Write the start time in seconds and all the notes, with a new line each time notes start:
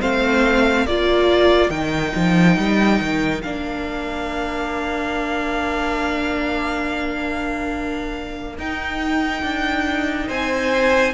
0.00 A3 C4 C5 F5
0.85 A#3 F4 A#4 D5
1.69 D#3 D#4 G5
2.15 F3
2.57 G3
3.00 D#3
3.41 A#3 D4 F5
8.57 D#4 G5
9.42 D4
10.27 C4 C5 G#5